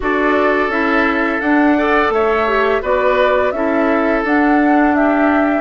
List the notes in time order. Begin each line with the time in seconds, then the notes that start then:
0.00 D4 F#4 A4 D5
0.68 C#4 E4 E5
1.40 D4 F#5
1.78 A4 D5
2.09 A3 C#5 E5
2.47 G4
2.82 B3 F#4 B4 D5
3.51 C#4 E4 A4 E5
4.23 D4 F#5
4.95 G4 E5